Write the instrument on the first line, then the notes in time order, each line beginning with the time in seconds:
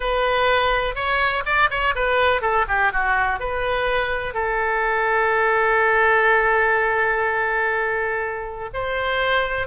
oboe
0.00 B4
0.95 C#5
1.45 D5
1.70 C#5
1.95 B4
2.41 A4
2.68 G4
2.92 F#4
3.39 B4
4.34 A4
8.73 C5